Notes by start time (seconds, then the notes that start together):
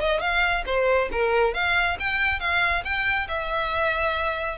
0.00 D#5
0.21 F5
0.66 C5
1.11 A#4
1.54 F5
1.99 G5
2.40 F5
2.84 G5
3.28 E5